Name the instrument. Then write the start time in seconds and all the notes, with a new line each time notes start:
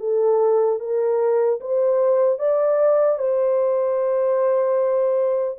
horn
0.00 A4
0.80 A#4
1.61 C5
2.39 D5
3.19 C5